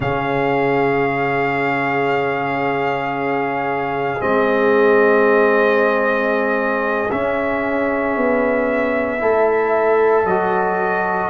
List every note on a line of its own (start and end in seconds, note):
0.00 4.20 C#3
0.00 4.19 C#4
0.00 9.21 G#4
0.00 4.21 F5
4.19 7.10 G#3
4.19 7.09 C4
4.19 7.10 D#5
7.11 9.19 C#4
7.11 8.16 C#4
7.11 10.26 E5
8.16 9.21 B3
9.19 10.24 A3
9.19 10.24 E4
9.19 11.30 A4
10.24 11.29 F#3
10.24 11.30 F#4
10.24 11.30 D#5